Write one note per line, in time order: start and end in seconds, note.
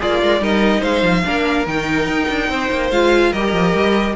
0.00 0.23 A#3
0.00 0.41 F4
0.00 0.21 G#4
0.00 0.44 D5
0.23 0.41 G#3
0.23 0.40 A#4
0.40 0.82 G3
0.40 1.23 D#4
0.40 0.80 A#4
0.40 0.83 D#5
0.80 1.03 G#3
0.80 1.22 C5
0.80 1.67 F5
1.03 1.24 F3
1.25 1.67 A#3
1.25 1.67 D4
1.25 2.50 A#4
1.67 2.07 D#3
1.67 2.92 D#4
1.67 2.91 G5
2.07 2.28 D#4
2.29 2.49 D4
2.49 2.70 C4
2.49 3.32 C5
2.71 2.91 A#3
2.91 3.33 G#3
2.91 3.34 F4
2.91 3.33 F5
3.32 3.53 G3
3.32 4.17 G4
3.32 4.15 A#4
3.32 4.16 D#5
3.53 3.74 F3
3.74 4.16 G3